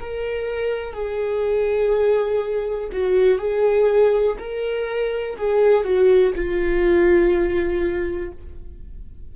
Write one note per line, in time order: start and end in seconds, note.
0.00 0.93 A#4
0.93 2.89 G#4
2.92 3.38 F#4
3.38 4.36 G#4
4.38 5.37 A#4
5.37 5.83 G#4
5.83 6.33 F#4
6.35 8.32 F4